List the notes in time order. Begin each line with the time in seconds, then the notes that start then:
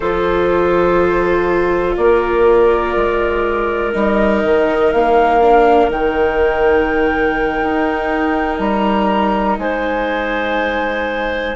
0.00 F3 F4 A4 C5
1.96 A#3 A#4 D5
2.96 G#3
3.92 G3 D#4 D#5
4.43 D#3
4.91 A#3 F5
5.41 D4
5.89 D#3 D#4 G5
7.62 D#4
8.58 G3 A#5
9.58 G#3 C5 G#5